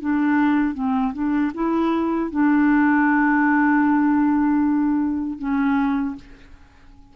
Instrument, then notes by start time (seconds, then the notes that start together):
clarinet
0.00 D4
0.74 C4
1.13 D4
1.54 E4
2.30 D4
5.38 C#4